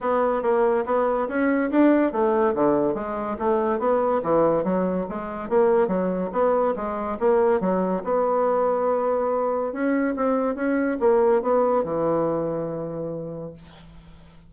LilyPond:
\new Staff \with { instrumentName = "bassoon" } { \time 4/4 \tempo 4 = 142 b4 ais4 b4 cis'4 | d'4 a4 d4 gis4 | a4 b4 e4 fis4 | gis4 ais4 fis4 b4 |
gis4 ais4 fis4 b4~ | b2. cis'4 | c'4 cis'4 ais4 b4 | e1 | }